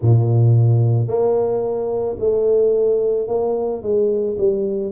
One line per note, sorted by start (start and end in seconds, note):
0.01 1.07 A#2
1.07 2.16 A#3
2.19 3.27 A3
3.27 3.82 A#3
3.82 4.36 G#3
4.38 4.92 G3